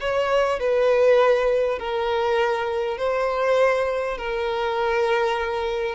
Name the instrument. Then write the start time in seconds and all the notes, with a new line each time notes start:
violin
0.00 C#5
0.59 B4
1.78 A#4
2.98 C5
4.18 A#4